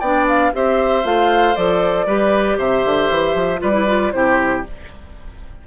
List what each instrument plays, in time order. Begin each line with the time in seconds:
0.00 bassoon B3, clarinet D4, oboe D5, flute G5
0.28 flute F5
0.53 bassoon C4, clarinet G4, oboe C5, flute E5
1.04 bassoon A3, clarinet F4, flute F5
1.56 bassoon F3, clarinet A4, flute D5
2.07 bassoon G3, clarinet G4, oboe B4
2.58 bassoon C3, oboe C5, flute E5
2.85 bassoon D3
3.10 bassoon E3
3.35 bassoon F3
3.59 bassoon G3, clarinet F4, oboe B4, flute D5
3.73 clarinet E4
3.87 clarinet F4
4.12 bassoon C3, clarinet E4, oboe G4, flute C5